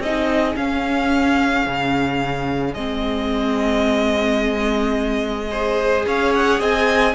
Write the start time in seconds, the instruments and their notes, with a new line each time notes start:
0.00 cello C4, viola D#4, violin G#4 D#5
0.56 viola C#4, cello C#4, violin F5
1.67 cello C#3
2.74 cello G#3, viola C4, violin D#5
5.51 viola G#4, violin C5
6.07 cello C#4, violin C#5 F5
6.34 violin F#5
6.60 cello C4, violin D#5 G#5